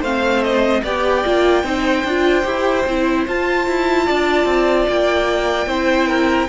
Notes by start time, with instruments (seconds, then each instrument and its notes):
0.00 cello A3, viola C4, violin C5 F5
0.43 violin D#5
0.83 cello B3, viola G4, violin D5 G5
1.24 cello A#3, viola F4
1.63 cello C4, viola D#4, violin C5
2.04 cello D4, viola F4
2.43 cello E4, viola G4
2.86 cello C4, viola E4
3.28 cello F4, viola F4, violin A5
3.68 cello E4
4.06 cello D4, violin D5
4.45 cello C4
4.89 cello A#3, violin G5
5.66 cello C4, viola E4, violin C5
6.08 violin A#4